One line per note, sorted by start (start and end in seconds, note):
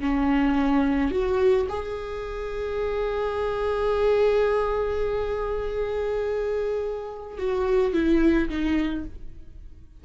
0.00 1.11 C#4
1.11 1.66 F#4
1.68 7.38 G#4
7.38 7.93 F#4
7.93 8.48 E4
8.49 9.04 D#4